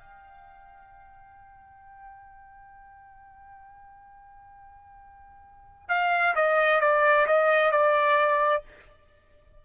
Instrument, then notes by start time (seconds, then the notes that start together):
trumpet
0.00 G5
5.88 F5
6.35 D#5
6.81 D5
7.26 D#5
7.71 D5